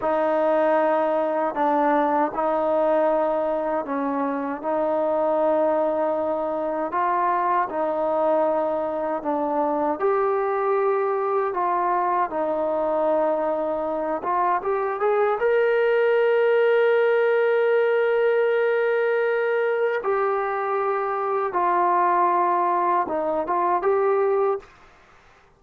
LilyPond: \new Staff \with { instrumentName = "trombone" } { \time 4/4 \tempo 4 = 78 dis'2 d'4 dis'4~ | dis'4 cis'4 dis'2~ | dis'4 f'4 dis'2 | d'4 g'2 f'4 |
dis'2~ dis'8 f'8 g'8 gis'8 | ais'1~ | ais'2 g'2 | f'2 dis'8 f'8 g'4 | }